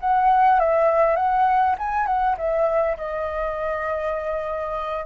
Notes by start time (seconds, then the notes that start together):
0.00 F#5
0.59 E5
1.16 F#5
1.78 G#5
2.06 F#5
2.37 E5
2.97 D#5